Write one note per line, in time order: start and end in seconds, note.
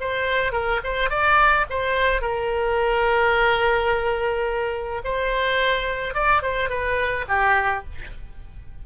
0.00 0.52 C5
0.52 0.80 A#4
0.83 1.09 C5
1.09 1.65 D5
1.69 2.21 C5
2.21 5.02 A#4
5.04 6.14 C5
6.14 6.42 D5
6.42 6.69 C5
6.69 7.25 B4
7.28 7.84 G4